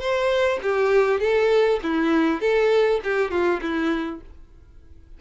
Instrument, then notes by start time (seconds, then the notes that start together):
violin
0.00 C5
0.62 G4
1.20 A4
1.83 E4
2.41 A4
3.04 G4
3.31 F4
3.61 E4